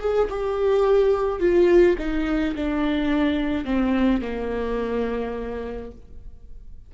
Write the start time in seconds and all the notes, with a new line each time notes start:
0.00 G#4
0.30 G4
1.40 F4
1.99 D#4
2.56 D4
3.65 C4
4.21 A#3